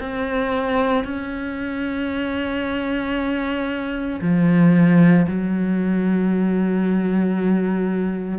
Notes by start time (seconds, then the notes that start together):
0.00 C4
1.04 C#4
4.21 F3
5.27 F#3